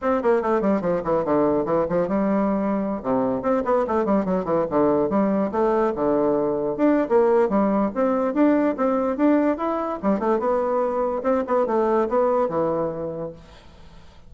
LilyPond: \new Staff \with { instrumentName = "bassoon" } { \time 4/4 \tempo 4 = 144 c'8 ais8 a8 g8 f8 e8 d4 | e8 f8 g2~ g16 c8.~ | c16 c'8 b8 a8 g8 fis8 e8 d8.~ | d16 g4 a4 d4.~ d16~ |
d16 d'8. ais4 g4 c'4 | d'4 c'4 d'4 e'4 | g8 a8 b2 c'8 b8 | a4 b4 e2 | }